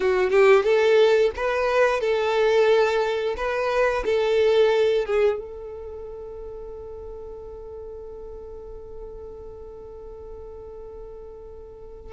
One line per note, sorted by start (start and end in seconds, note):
0.00 0.30 F#4
0.30 0.63 G4
0.63 1.31 A4
1.35 2.00 B4
2.00 3.35 A4
3.36 4.04 B4
4.05 5.05 A4
5.05 5.38 G#4
5.38 12.12 A4